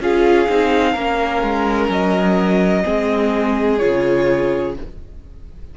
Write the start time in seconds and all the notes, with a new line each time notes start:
0.00 C#4 F4 G#4 F5
0.49 C4 D#4
0.92 A#3 C#4 A#4
1.42 G#3
1.89 F#3 D#5
2.84 G#3 C4 G#4
3.78 C#3 F4 C#5